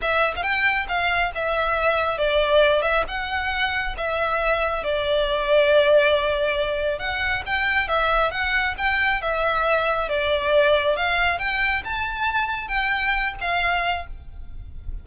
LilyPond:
\new Staff \with { instrumentName = "violin" } { \time 4/4 \tempo 4 = 137 e''8. f''16 g''4 f''4 e''4~ | e''4 d''4. e''8 fis''4~ | fis''4 e''2 d''4~ | d''1 |
fis''4 g''4 e''4 fis''4 | g''4 e''2 d''4~ | d''4 f''4 g''4 a''4~ | a''4 g''4. f''4. | }